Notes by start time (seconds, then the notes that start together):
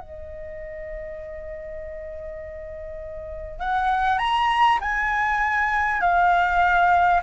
0.00 D#5
3.60 F#5
4.18 A#5
4.81 G#5
6.01 F5